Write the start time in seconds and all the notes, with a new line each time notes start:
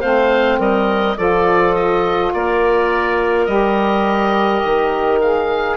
0.00 A3 C4 C5 F5
0.58 G3 A#4 D#5
1.18 F3 F4 A4 D5
1.75 D#5
2.34 A#3 A#4 D5
3.46 G3 G4 D#5
4.64 D#3
5.22 G#4 F5